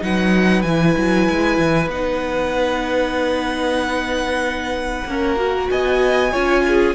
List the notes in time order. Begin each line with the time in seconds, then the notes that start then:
0.00 F#3 D#4 B4 F#5
0.62 E3 E4 G#5
0.97 F#3
1.30 G#3
1.58 E3
1.88 B3 D#4 F#5
5.06 A#3 C#4 A#4
5.36 F#4
5.70 B3 D#5 G#5
6.32 C#4 F4 C#5
6.68 G#4